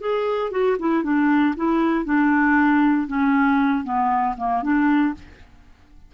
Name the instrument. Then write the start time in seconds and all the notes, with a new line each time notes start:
clarinet
0.00 G#4
0.51 F#4
0.79 E4
1.03 D4
1.56 E4
2.05 D4
3.07 C#4
3.83 B3
4.37 A#3
4.62 D4